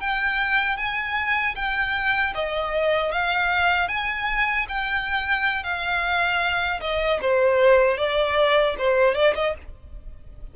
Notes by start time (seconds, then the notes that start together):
0.00 G5
0.77 G#5
1.55 G5
2.34 D#5
3.12 F5
3.88 G#5
4.69 G5
5.63 F5
6.81 D#5
7.21 C5
7.98 D5
8.78 C5
9.15 D5
9.35 D#5